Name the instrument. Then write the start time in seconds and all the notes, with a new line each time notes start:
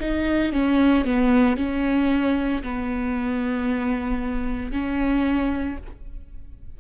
viola
0.00 D#4
0.53 C#4
1.05 B3
1.57 C#4
2.63 B3
4.72 C#4